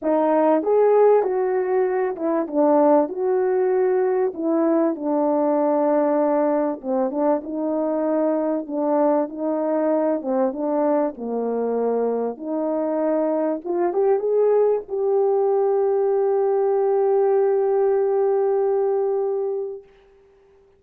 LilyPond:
\new Staff \with { instrumentName = "horn" } { \time 4/4 \tempo 4 = 97 dis'4 gis'4 fis'4. e'8 | d'4 fis'2 e'4 | d'2. c'8 d'8 | dis'2 d'4 dis'4~ |
dis'8 c'8 d'4 ais2 | dis'2 f'8 g'8 gis'4 | g'1~ | g'1 | }